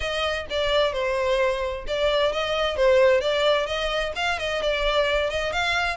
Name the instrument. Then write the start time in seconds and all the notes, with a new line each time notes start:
violin
0.00 D#5
0.50 D5
0.92 C5
1.87 D5
2.32 D#5
2.76 C5
3.21 D5
3.66 D#5
4.15 F5
4.38 D#5
4.62 D5
5.30 D#5
5.52 F5